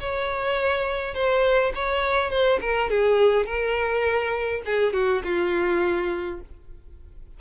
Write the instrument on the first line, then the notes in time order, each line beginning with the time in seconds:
violin
0.00 C#5
1.14 C5
1.74 C#5
2.30 C5
2.61 A#4
2.90 G#4
3.46 A#4
4.65 G#4
4.93 F#4
5.24 F4